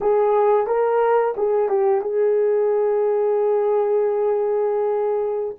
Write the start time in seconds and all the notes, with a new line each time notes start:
0.01 G#4
0.66 A#4
1.36 G#4
1.68 G4
2.01 G#4